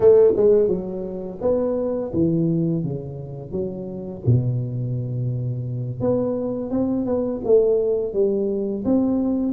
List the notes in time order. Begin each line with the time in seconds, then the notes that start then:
0.00 A3
0.36 G#3
0.67 F#3
1.41 B3
2.13 E3
2.83 C#3
3.51 F#3
4.26 B2
6.00 B3
6.70 C4
7.05 B3
7.44 A3
8.13 G3
8.84 C4